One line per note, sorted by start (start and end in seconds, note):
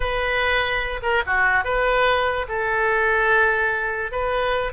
0.00 1.00 B4
1.02 1.22 A#4
1.26 1.64 F#4
1.64 2.46 B4
2.48 4.11 A4
4.11 4.72 B4